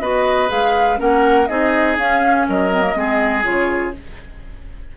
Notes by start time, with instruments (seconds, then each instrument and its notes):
0.00 bassoon B3, clarinet F#4, oboe B4, flute D#5
0.48 bassoon G#3, clarinet G#4, flute F5
0.96 bassoon A#3, clarinet C#4, oboe A#4, flute F#5
1.46 bassoon C4, clarinet D#4, oboe G#4, flute D#5
1.97 bassoon C#4, clarinet C#4, flute F5
2.48 bassoon F#3, oboe A#4, flute D#5
2.72 clarinet C4
2.81 clarinet A#3
2.95 bassoon G#3, clarinet C4, oboe G#4
3.43 bassoon C#3, clarinet F4, flute C#5